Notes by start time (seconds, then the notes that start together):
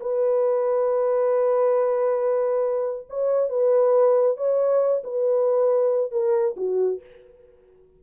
0.00 B4
3.09 C#5
3.49 B4
4.37 C#5
5.03 B4
6.11 A#4
6.56 F#4